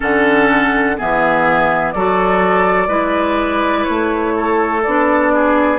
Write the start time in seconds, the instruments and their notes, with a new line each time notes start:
0.00 bassoon D3, clarinet C#4, oboe A4, flute F#5
0.97 bassoon E3, clarinet B3, oboe G#4, flute E5
1.91 bassoon F#3, clarinet F#4, oboe A4, flute D5
2.87 bassoon G#3, clarinet E4, oboe B4
3.84 bassoon A3, flute C#5
4.36 oboe A4
4.82 bassoon B3, clarinet D4, flute D5
5.33 oboe G#4